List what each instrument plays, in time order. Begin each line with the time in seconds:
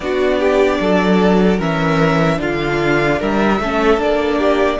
0.00 cello B3, viola D4, violin F#4 D5
0.38 violin G4
0.80 cello F#3, violin A4
1.57 cello E3, viola C#4, violin A#4 E5
2.37 cello D3, viola D4, violin F4 F5
3.19 cello G3, violin A#4 E5
3.60 cello A3, viola C#4, violin A4
3.97 cello A#3, viola D4, violin D5
4.39 violin G4